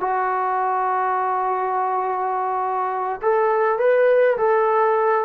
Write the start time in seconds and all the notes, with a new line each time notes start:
0.00 F#4
3.22 A4
3.79 B4
4.37 A4